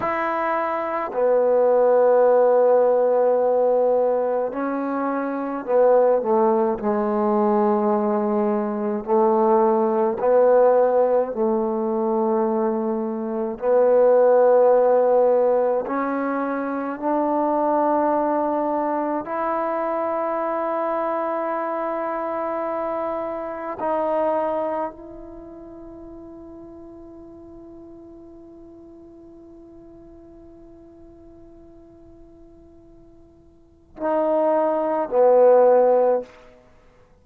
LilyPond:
\new Staff \with { instrumentName = "trombone" } { \time 4/4 \tempo 4 = 53 e'4 b2. | cis'4 b8 a8 gis2 | a4 b4 a2 | b2 cis'4 d'4~ |
d'4 e'2.~ | e'4 dis'4 e'2~ | e'1~ | e'2 dis'4 b4 | }